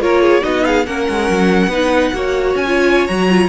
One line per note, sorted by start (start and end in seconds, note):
0.00 0.42 A#3
0.00 0.42 F4
0.00 0.22 A#4
0.00 0.44 C#5
0.22 0.43 G#4
0.42 0.87 B3
0.42 0.84 D#4
0.42 0.64 F#4
0.42 0.65 D#5
0.65 0.87 G#4
0.65 0.86 F5
0.86 1.08 A#3
0.86 1.71 C#4
0.86 1.69 A#4
0.86 2.55 F#5
1.10 1.30 G#3
1.30 1.67 F#3
1.67 2.10 B3
1.67 2.13 D#4
1.67 2.12 B4
2.13 2.55 A#3
2.13 2.66 F#4
2.13 3.49 C#5
2.55 3.08 C#4
2.55 3.08 G#5
2.67 3.09 F4
3.08 3.49 F#3
3.08 3.29 F#4
3.08 3.49 A#5
3.29 3.49 F4